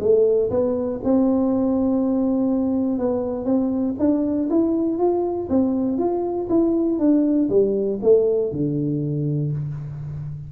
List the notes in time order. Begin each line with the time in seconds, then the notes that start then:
0.00 A3
0.50 B3
1.04 C4
2.99 B3
3.45 C4
3.99 D4
4.50 E4
4.98 F4
5.50 C4
5.98 F4
6.50 E4
6.99 D4
7.50 G3
8.03 A3
8.52 D3